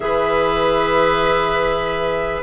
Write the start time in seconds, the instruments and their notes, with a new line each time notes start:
0.00 bassoon E3, clarinet G#4, oboe B4, flute E5